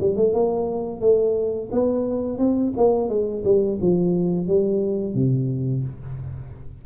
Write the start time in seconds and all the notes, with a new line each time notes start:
0.00 G3
0.16 A3
0.33 A#3
1.01 A3
1.71 B3
2.38 C4
2.76 A#3
3.09 G#3
3.44 G3
3.81 F3
4.47 G3
5.14 C3